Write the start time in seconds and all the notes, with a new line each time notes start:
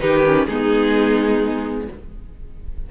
0.00 D#3 D#4 G4 B4
0.26 C#4
0.46 G#3 B3 D#4 G#4